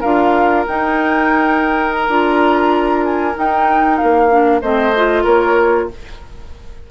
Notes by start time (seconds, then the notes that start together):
0.00 D4 F4 A#4 F5
0.67 D#4 G5
1.92 A#5
2.08 D4 F4
3.04 G#5
3.34 D#4 G5
3.97 A#3 F5
4.30 D4
4.61 A3 C4 C5 D#5
4.96 F4
5.23 A#3 A#4 C#5